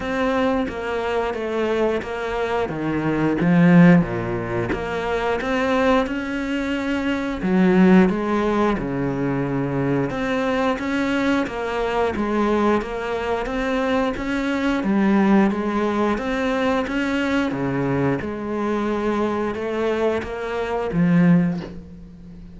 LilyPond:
\new Staff \with { instrumentName = "cello" } { \time 4/4 \tempo 4 = 89 c'4 ais4 a4 ais4 | dis4 f4 ais,4 ais4 | c'4 cis'2 fis4 | gis4 cis2 c'4 |
cis'4 ais4 gis4 ais4 | c'4 cis'4 g4 gis4 | c'4 cis'4 cis4 gis4~ | gis4 a4 ais4 f4 | }